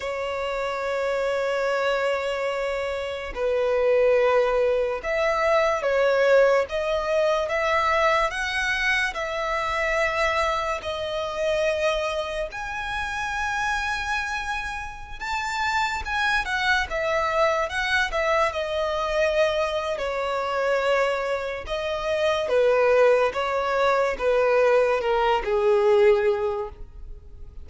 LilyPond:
\new Staff \with { instrumentName = "violin" } { \time 4/4 \tempo 4 = 72 cis''1 | b'2 e''4 cis''4 | dis''4 e''4 fis''4 e''4~ | e''4 dis''2 gis''4~ |
gis''2~ gis''16 a''4 gis''8 fis''16~ | fis''16 e''4 fis''8 e''8 dis''4.~ dis''16 | cis''2 dis''4 b'4 | cis''4 b'4 ais'8 gis'4. | }